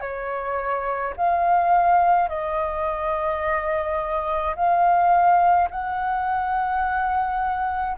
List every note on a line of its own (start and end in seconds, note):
0.00 1.13 C#5
1.16 2.28 F5
2.28 4.55 D#5
4.55 5.68 F5
5.70 7.97 F#5